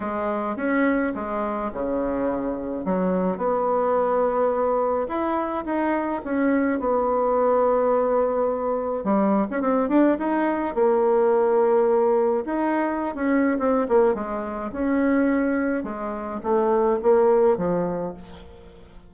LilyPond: \new Staff \with { instrumentName = "bassoon" } { \time 4/4 \tempo 4 = 106 gis4 cis'4 gis4 cis4~ | cis4 fis4 b2~ | b4 e'4 dis'4 cis'4 | b1 |
g8. cis'16 c'8 d'8 dis'4 ais4~ | ais2 dis'4~ dis'16 cis'8. | c'8 ais8 gis4 cis'2 | gis4 a4 ais4 f4 | }